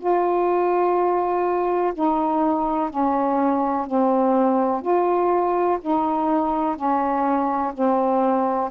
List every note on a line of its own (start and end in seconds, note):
0.00 1.94 F4
1.94 2.90 D#4
2.90 3.87 C#4
3.87 4.82 C4
4.82 5.78 F4
5.82 6.77 D#4
6.77 7.73 C#4
7.74 8.71 C4